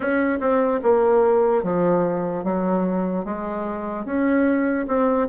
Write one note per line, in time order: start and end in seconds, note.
0.00 0.39 C#4
0.39 0.80 C4
0.82 1.63 A#3
1.63 2.44 F3
2.44 3.24 F#3
3.24 4.05 G#3
4.05 4.86 C#4
4.87 5.28 C4